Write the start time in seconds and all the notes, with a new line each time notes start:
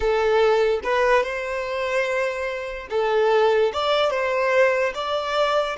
0.00 A4
0.83 B4
1.23 C5
2.90 A4
3.73 D5
4.10 C5
4.94 D5